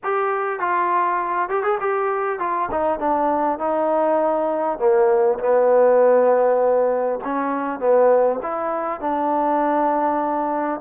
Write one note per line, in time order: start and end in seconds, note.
0.03 0.59 G4
0.59 1.49 F4
1.49 1.63 G4
1.63 1.78 G#4
1.80 2.39 G4
2.39 2.69 F4
2.71 2.99 D#4
2.99 3.58 D4
3.58 4.78 D#4
4.78 5.38 A#3
5.39 7.19 B3
7.24 7.79 C#4
7.79 8.39 B3
8.42 9.00 E4
9.00 10.80 D4